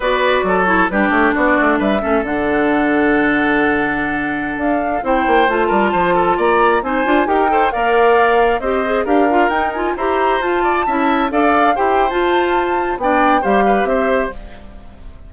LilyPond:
<<
  \new Staff \with { instrumentName = "flute" } { \time 4/4 \tempo 4 = 134 d''4. cis''8 b'8 cis''8 d''4 | e''4 fis''2.~ | fis''2~ fis''16 f''4 g''8.~ | g''16 a''2 ais''4 gis''8.~ |
gis''16 g''4 f''2 dis''8.~ | dis''16 f''4 g''8 gis''8 ais''4 a''8.~ | a''4~ a''16 f''4 g''8. a''4~ | a''4 g''4 f''4 e''4 | }
  \new Staff \with { instrumentName = "oboe" } { \time 4/4 b'4 a'4 g'4 fis'4 | b'8 a'2.~ a'8~ | a'2.~ a'16 c''8.~ | c''8. ais'8 c''8 a'8 d''4 c''8.~ |
c''16 ais'8 c''8 d''2 c''8.~ | c''16 ais'2 c''4. d''16~ | d''16 e''4 d''4 c''4.~ c''16~ | c''4 d''4 c''8 b'8 c''4 | }
  \new Staff \with { instrumentName = "clarinet" } { \time 4/4 fis'4. e'8 d'2~ | d'8 cis'8 d'2.~ | d'2.~ d'16 e'8.~ | e'16 f'2. dis'8 f'16~ |
f'16 g'8 a'8 ais'2 g'8 gis'16~ | gis'16 g'8 f'8 dis'8 f'8 g'4 f'8.~ | f'16 e'4 a'4 g'8. f'4~ | f'4 d'4 g'2 | }
  \new Staff \with { instrumentName = "bassoon" } { \time 4/4 b4 fis4 g8 a8 b8 a8 | g8 a8 d2.~ | d2~ d16 d'4 c'8 ais16~ | ais16 a8 g8 f4 ais4 c'8 d'16~ |
d'16 dis'4 ais2 c'8.~ | c'16 d'4 dis'4 e'4 f'8.~ | f'16 cis'4 d'4 e'8. f'4~ | f'4 b4 g4 c'4 | }
>>